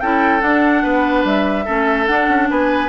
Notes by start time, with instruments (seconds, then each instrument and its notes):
0.00 bassoon C#4, clarinet E4, oboe A4, flute G5
0.40 clarinet D4, bassoon D4, flute F#5
0.83 bassoon B3, oboe B4
1.24 bassoon G3, flute E5
1.65 bassoon A3, clarinet C#4, oboe A4
2.06 clarinet D4, bassoon D4, flute F#5
2.28 bassoon C#4
2.50 bassoon B3, oboe B4, flute G#5